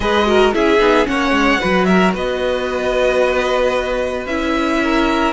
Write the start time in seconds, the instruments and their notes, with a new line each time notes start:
0.00 cello G#3, viola G#4, violin B4 D#5
0.25 viola F#4, violin A#4
0.52 cello C#4, viola E4, violin G#4 E5
0.78 cello B3, viola D#4
1.05 cello A#3, viola C#4, violin C#5 F#5
1.31 cello G#3
1.60 cello F#3, viola F#4, violin B4
1.84 violin A#4 E5
2.14 cello B3, violin B4 D#5
4.26 cello C#4, viola E4, violin E5
4.83 violin A#4